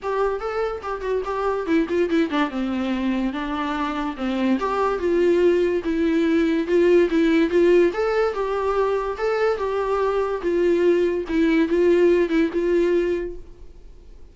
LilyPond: \new Staff \with { instrumentName = "viola" } { \time 4/4 \tempo 4 = 144 g'4 a'4 g'8 fis'8 g'4 | e'8 f'8 e'8 d'8 c'2 | d'2 c'4 g'4 | f'2 e'2 |
f'4 e'4 f'4 a'4 | g'2 a'4 g'4~ | g'4 f'2 e'4 | f'4. e'8 f'2 | }